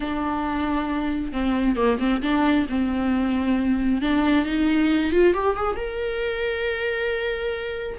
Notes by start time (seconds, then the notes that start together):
0.00 D4
1.32 C4
1.76 A#3
1.99 C4
2.22 D4
2.69 C4
4.01 D4
4.45 D#4
5.12 F4
5.33 G4
5.56 G#4
5.76 A#4